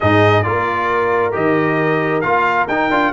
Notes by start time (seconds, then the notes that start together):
0.00 G#2 D#4 G#4 D#5
0.42 A#3 F4 A#4 D5
1.32 D#3 G4 D#5
2.21 A#3 F4 F5
2.68 D#4 G5
2.90 D4 F4